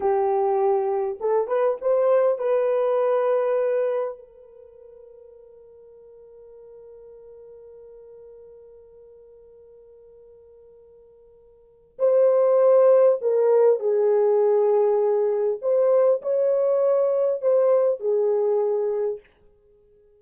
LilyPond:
\new Staff \with { instrumentName = "horn" } { \time 4/4 \tempo 4 = 100 g'2 a'8 b'8 c''4 | b'2. ais'4~ | ais'1~ | ais'1~ |
ais'1 | c''2 ais'4 gis'4~ | gis'2 c''4 cis''4~ | cis''4 c''4 gis'2 | }